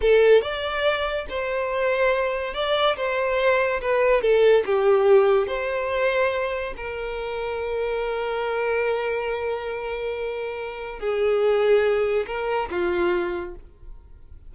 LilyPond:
\new Staff \with { instrumentName = "violin" } { \time 4/4 \tempo 4 = 142 a'4 d''2 c''4~ | c''2 d''4 c''4~ | c''4 b'4 a'4 g'4~ | g'4 c''2. |
ais'1~ | ais'1~ | ais'2 gis'2~ | gis'4 ais'4 f'2 | }